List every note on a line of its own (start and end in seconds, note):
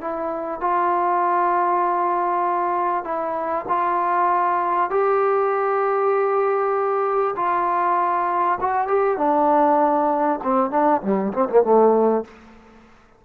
0.00 0.60 E4
0.60 3.04 F4
3.04 3.65 E4
3.68 4.90 F4
4.90 7.35 G4
7.36 8.58 F4
8.60 8.87 F#4
8.87 9.17 G4
9.17 10.39 D4
10.43 10.70 C4
10.70 11.01 D4
11.01 11.32 G3
11.33 11.48 C4
11.49 11.63 A#3
11.63 12.24 A3